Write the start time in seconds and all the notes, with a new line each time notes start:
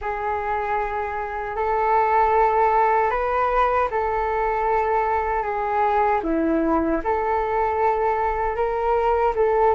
0.01 G#4
1.55 A4
3.10 B4
3.90 A4
5.42 G#4
6.23 E4
7.03 A4
8.55 A#4
9.35 A4